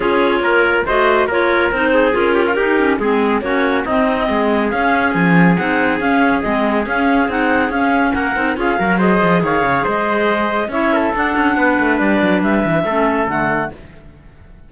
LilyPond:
<<
  \new Staff \with { instrumentName = "clarinet" } { \time 4/4 \tempo 4 = 140 cis''2 dis''4 cis''4 | c''4 ais'2 gis'4 | cis''4 dis''2 f''4 | gis''4 fis''4 f''4 dis''4 |
f''4 fis''4 f''4 fis''4 | f''4 dis''4 f''4 dis''4~ | dis''4 e''4 fis''2 | d''4 e''2 fis''4 | }
  \new Staff \with { instrumentName = "trumpet" } { \time 4/4 gis'4 ais'4 c''4 ais'4~ | ais'8 gis'4 g'16 f'16 g'4 gis'4 | fis'4 dis'4 gis'2~ | gis'1~ |
gis'2. ais'4 | gis'8 ais'8 c''4 cis''4 c''4~ | c''4 cis''8 a'4. b'4~ | b'2 a'2 | }
  \new Staff \with { instrumentName = "clarinet" } { \time 4/4 f'2 fis'4 f'4 | dis'4 f'4 dis'8 cis'8 c'4 | cis'4 c'2 cis'4~ | cis'4 dis'4 cis'4 c'4 |
cis'4 dis'4 cis'4. dis'8 | f'8 fis'8 gis'2.~ | gis'4 e'4 d'2~ | d'2 cis'4 a4 | }
  \new Staff \with { instrumentName = "cello" } { \time 4/4 cis'4 ais4 a4 ais4 | c'4 cis'4 dis'4 gis4 | ais4 c'4 gis4 cis'4 | f4 c'4 cis'4 gis4 |
cis'4 c'4 cis'4 ais8 c'8 | cis'8 fis4 f8 dis8 cis8 gis4~ | gis4 cis'4 d'8 cis'8 b8 a8 | g8 fis8 g8 e8 a4 d4 | }
>>